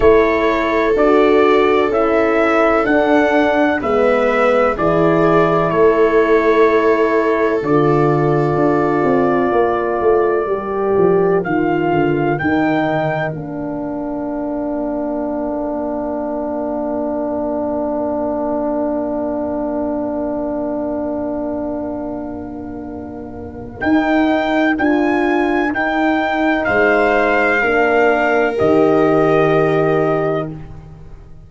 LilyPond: <<
  \new Staff \with { instrumentName = "trumpet" } { \time 4/4 \tempo 4 = 63 cis''4 d''4 e''4 fis''4 | e''4 d''4 cis''2 | d''1 | f''4 g''4 f''2~ |
f''1~ | f''1~ | f''4 g''4 gis''4 g''4 | f''2 dis''2 | }
  \new Staff \with { instrumentName = "viola" } { \time 4/4 a'1 | b'4 gis'4 a'2~ | a'2 ais'2~ | ais'1~ |
ais'1~ | ais'1~ | ais'1 | c''4 ais'2. | }
  \new Staff \with { instrumentName = "horn" } { \time 4/4 e'4 fis'4 e'4 d'4 | b4 e'2. | f'2. g'4 | f'4 dis'4 d'2~ |
d'1~ | d'1~ | d'4 dis'4 f'4 dis'4~ | dis'4 d'4 g'2 | }
  \new Staff \with { instrumentName = "tuba" } { \time 4/4 a4 d'4 cis'4 d'4 | gis4 e4 a2 | d4 d'8 c'8 ais8 a8 g8 f8 | dis8 d8 dis4 ais2~ |
ais1~ | ais1~ | ais4 dis'4 d'4 dis'4 | gis4 ais4 dis2 | }
>>